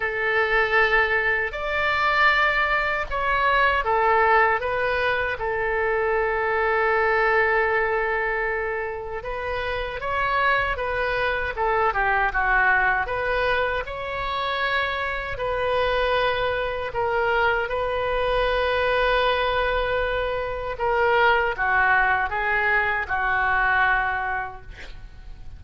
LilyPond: \new Staff \with { instrumentName = "oboe" } { \time 4/4 \tempo 4 = 78 a'2 d''2 | cis''4 a'4 b'4 a'4~ | a'1 | b'4 cis''4 b'4 a'8 g'8 |
fis'4 b'4 cis''2 | b'2 ais'4 b'4~ | b'2. ais'4 | fis'4 gis'4 fis'2 | }